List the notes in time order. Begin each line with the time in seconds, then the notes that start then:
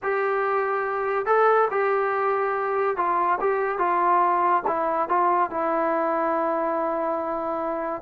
0.02 G4
1.26 A4
1.71 G4
2.96 F4
3.40 G4
3.78 F4
4.67 E4
5.08 F4
5.50 E4